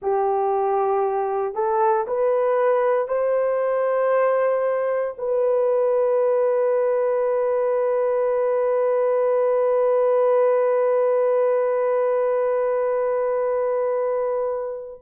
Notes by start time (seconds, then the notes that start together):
0.01 G4
1.54 A4
2.07 B4
3.08 C5
5.18 B4